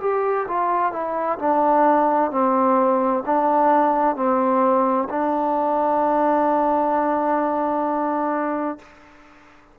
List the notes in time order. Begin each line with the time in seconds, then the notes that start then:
0.00 G4
0.47 F4
0.92 E4
1.38 D4
2.31 C4
3.26 D4
4.15 C4
5.09 D4